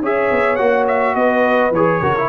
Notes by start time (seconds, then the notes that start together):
0.00 C#4 G#4 C#5 E5
0.31 B3
0.55 A#3 F#4 F#5
0.87 E5
1.14 B3 B4 D#5
1.70 E3 G#4 C#5
2.01 C#3 F#4 A#4
2.16 E4